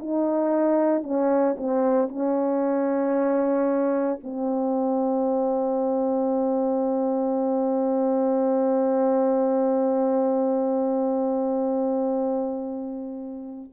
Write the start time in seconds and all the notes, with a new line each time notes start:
0.00 D#4
1.03 C#4
1.57 C4
2.09 C#4
4.23 C4